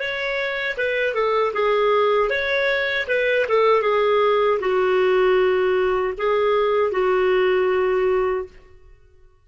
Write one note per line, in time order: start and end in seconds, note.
0.00 0.77 C#5
0.78 1.15 B4
1.15 1.53 A4
1.54 2.30 G#4
2.30 3.07 C#5
3.08 3.47 B4
3.49 3.83 A4
3.83 4.59 G#4
4.61 6.15 F#4
6.18 6.92 G#4
6.92 8.46 F#4